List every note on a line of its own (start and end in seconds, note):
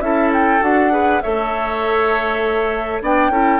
0.00 0.60 C#4
0.00 0.60 E4
0.00 0.92 A4
0.00 0.30 E5
0.33 0.63 G5
0.60 1.21 D4
0.60 0.90 F#4
0.60 1.21 F#5
0.90 1.20 G#4
0.90 1.22 B4
1.21 3.01 A3
1.21 3.02 A4
1.21 3.02 C#5
1.21 3.01 E5
3.01 3.28 B3
3.01 3.31 D4
3.01 3.31 D5
3.01 3.60 G5
3.28 3.58 C#4
3.28 3.60 E4
3.28 3.60 A4